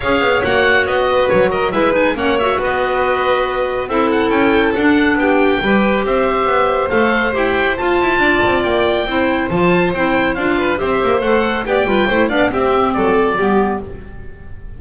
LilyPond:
<<
  \new Staff \with { instrumentName = "oboe" } { \time 4/4 \tempo 4 = 139 f''4 fis''4 dis''4 cis''8 dis''8 | e''8 gis''8 fis''8 e''8 dis''2~ | dis''4 e''8 fis''8 g''4 fis''4 | g''2 e''2 |
f''4 g''4 a''2 | g''2 a''4 g''4 | f''4 e''4 fis''4 g''4~ | g''8 f''8 e''4 d''2 | }
  \new Staff \with { instrumentName = "violin" } { \time 4/4 cis''2~ cis''8 b'4 ais'8 | b'4 cis''4 b'2~ | b'4 a'2. | g'4 b'4 c''2~ |
c''2. d''4~ | d''4 c''2.~ | c''8 b'8 c''2 d''8 b'8 | c''8 d''8 g'4 a'4 g'4 | }
  \new Staff \with { instrumentName = "clarinet" } { \time 4/4 gis'4 fis'2. | e'8 dis'8 cis'8 fis'2~ fis'8~ | fis'4 e'2 d'4~ | d'4 g'2. |
a'4 g'4 f'2~ | f'4 e'4 f'4 e'4 | f'4 g'4 a'4 g'8 f'8 | e'8 d'8 c'2 b4 | }
  \new Staff \with { instrumentName = "double bass" } { \time 4/4 cis'8 b8 ais4 b4 fis4 | gis4 ais4 b2~ | b4 c'4 cis'4 d'4 | b4 g4 c'4 b4 |
a4 e'4 f'8 e'8 d'8 c'8 | ais4 c'4 f4 c'4 | d'4 c'8 ais8 a4 b8 g8 | a8 b8 c'4 fis4 g4 | }
>>